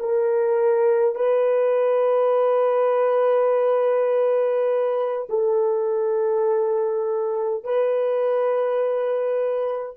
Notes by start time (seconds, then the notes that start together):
0.00 A#4
1.16 B4
5.29 A4
7.64 B4